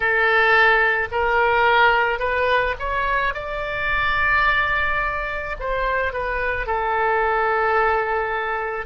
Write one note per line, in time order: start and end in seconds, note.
0.00 1.08 A4
1.11 2.19 A#4
2.19 2.75 B4
2.79 3.34 C#5
3.34 5.56 D5
5.59 6.12 C5
6.12 6.66 B4
6.66 8.85 A4